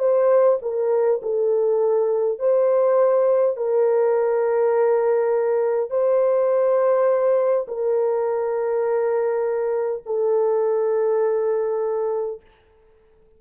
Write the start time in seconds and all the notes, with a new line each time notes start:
0.00 C5
0.62 A#4
1.22 A4
2.39 C5
3.57 A#4
5.90 C5
7.68 A#4
10.06 A4